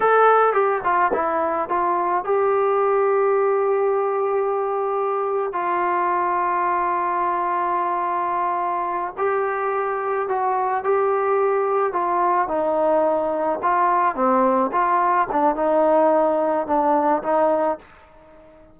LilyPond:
\new Staff \with { instrumentName = "trombone" } { \time 4/4 \tempo 4 = 108 a'4 g'8 f'8 e'4 f'4 | g'1~ | g'2 f'2~ | f'1~ |
f'8 g'2 fis'4 g'8~ | g'4. f'4 dis'4.~ | dis'8 f'4 c'4 f'4 d'8 | dis'2 d'4 dis'4 | }